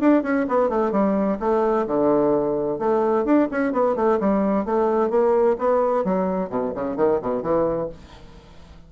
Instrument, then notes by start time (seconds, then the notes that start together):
bassoon
0.00 D4
0.23 C#4
0.48 B3
0.69 A3
0.91 G3
1.39 A3
1.87 D3
2.79 A3
3.25 D4
3.51 C#4
3.72 B3
3.95 A3
4.20 G3
4.65 A3
5.10 A#3
5.58 B3
6.04 F#3
6.49 B2
6.75 C#3
6.96 D#3
7.22 B2
7.42 E3